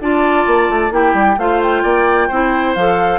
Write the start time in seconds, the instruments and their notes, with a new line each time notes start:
0.00 bassoon D4, clarinet F4, oboe D5, flute A5
0.46 bassoon A#3
0.69 bassoon A3
0.91 bassoon A#3, clarinet E4, oboe G4, flute G5
1.14 bassoon G3
1.37 bassoon A3, clarinet F4, oboe C5, flute F5
1.62 flute G5
1.83 bassoon A#3, oboe D5
2.28 bassoon C4, clarinet E4, oboe C5
2.75 bassoon F3, clarinet A4, flute F5